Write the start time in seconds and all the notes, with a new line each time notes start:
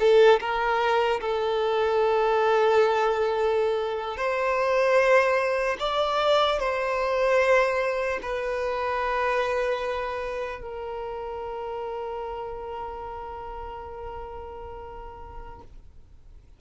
0.00 A4
0.40 A#4
1.21 A4
4.17 C5
5.80 D5
6.60 C5
8.23 B4
10.61 A#4